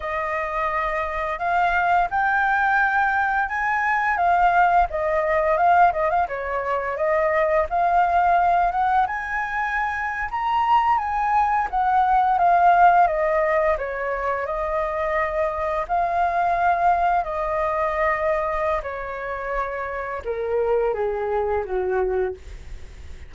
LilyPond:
\new Staff \with { instrumentName = "flute" } { \time 4/4 \tempo 4 = 86 dis''2 f''4 g''4~ | g''4 gis''4 f''4 dis''4 | f''8 dis''16 f''16 cis''4 dis''4 f''4~ | f''8 fis''8 gis''4.~ gis''16 ais''4 gis''16~ |
gis''8. fis''4 f''4 dis''4 cis''16~ | cis''8. dis''2 f''4~ f''16~ | f''8. dis''2~ dis''16 cis''4~ | cis''4 ais'4 gis'4 fis'4 | }